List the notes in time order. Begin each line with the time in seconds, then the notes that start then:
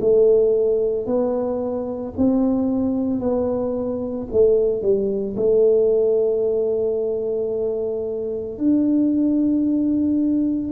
0.00 A3
1.06 B3
2.17 C4
3.20 B3
4.31 A3
4.82 G3
5.36 A3
8.58 D4